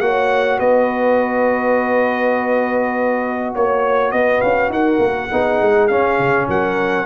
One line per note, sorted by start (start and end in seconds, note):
0.00 0.59 A#3
0.00 5.31 F#4
0.00 0.58 C#5
0.00 0.59 F#5
0.58 3.54 B3
0.58 3.53 B4
0.58 3.54 D#5
3.54 4.12 A#3
3.54 4.11 C#5
3.54 4.13 C#5
4.11 4.42 B3
4.11 4.72 B4
4.11 4.41 D#5
4.41 4.69 C#4
4.41 4.70 F5
4.69 4.98 D#4
4.69 5.31 A#4
4.69 5.87 F#5
4.99 5.28 A#3
5.31 5.61 B3
5.31 5.90 D#4
5.31 6.48 G#4
5.61 5.91 G#3
5.87 7.06 C#4
5.87 6.18 C#4
5.87 6.46 F5
6.18 6.48 C#3
6.48 7.06 F#3
6.48 7.06 A#4
6.48 7.06 F#5